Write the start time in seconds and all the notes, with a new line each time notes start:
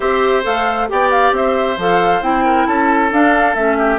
0.00 C4 G4 C5 E5
0.42 A3 A4 F5
0.87 B3 G4 D5 G5
1.11 F5
1.31 C4 C5 E5
1.77 F3 A4 F5
2.21 C4 E4 G5
2.44 A#4
2.66 C#4 A4 A5
3.11 D4 F5
3.54 A3 C#4 E5
3.77 G4